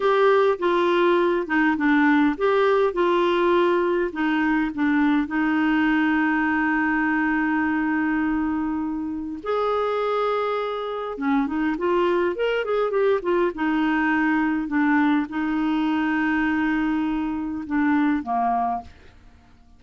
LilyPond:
\new Staff \with { instrumentName = "clarinet" } { \time 4/4 \tempo 4 = 102 g'4 f'4. dis'8 d'4 | g'4 f'2 dis'4 | d'4 dis'2.~ | dis'1 |
gis'2. cis'8 dis'8 | f'4 ais'8 gis'8 g'8 f'8 dis'4~ | dis'4 d'4 dis'2~ | dis'2 d'4 ais4 | }